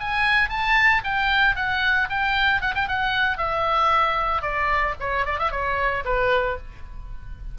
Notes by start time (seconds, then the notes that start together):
0.00 G#5
0.49 A5
1.04 G5
1.56 F#5
2.10 G5
2.61 F#5
2.75 G5
2.88 F#5
3.38 E5
4.42 D5
5.00 C#5
5.26 D5
5.39 E5
5.51 C#5
6.05 B4